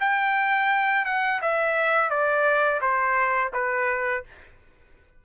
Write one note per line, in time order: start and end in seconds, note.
0.00 1.06 G5
1.06 1.41 F#5
1.42 2.10 E5
2.10 2.81 D5
2.81 3.52 C5
3.54 4.24 B4